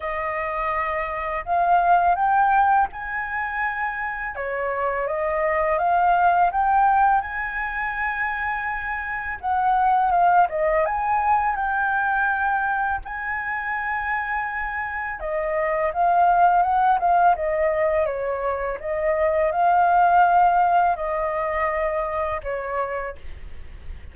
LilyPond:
\new Staff \with { instrumentName = "flute" } { \time 4/4 \tempo 4 = 83 dis''2 f''4 g''4 | gis''2 cis''4 dis''4 | f''4 g''4 gis''2~ | gis''4 fis''4 f''8 dis''8 gis''4 |
g''2 gis''2~ | gis''4 dis''4 f''4 fis''8 f''8 | dis''4 cis''4 dis''4 f''4~ | f''4 dis''2 cis''4 | }